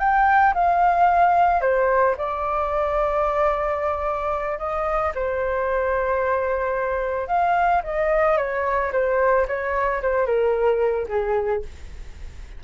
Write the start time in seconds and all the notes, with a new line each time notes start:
0.00 G5
0.54 F5
1.61 C5
2.18 D5
4.59 D#5
5.15 C5
7.28 F5
7.84 D#5
8.38 C#5
8.93 C5
9.48 C#5
10.02 C5
10.26 A#4
11.09 G#4